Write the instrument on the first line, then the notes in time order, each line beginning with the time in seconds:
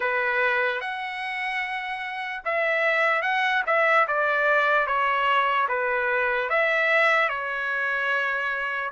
trumpet
0.00 B4
0.80 F#5
2.44 E5
3.22 F#5
3.66 E5
4.07 D5
4.86 C#5
5.68 B4
6.49 E5
7.29 C#5